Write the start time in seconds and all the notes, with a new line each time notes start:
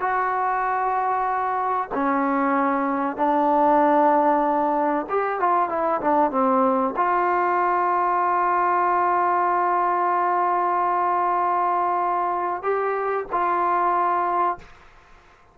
0.00 F#4
1.94 C#4
3.17 D4
5.09 G4
5.40 F4
5.69 E4
6.01 D4
6.31 C4
6.96 F4
12.63 G4
13.32 F4